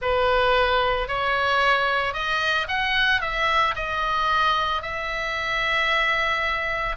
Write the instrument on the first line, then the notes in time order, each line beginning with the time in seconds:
oboe
0.01 B4
1.07 C#5
2.13 D#5
2.68 F#5
3.21 E5
3.75 D#5
4.81 E5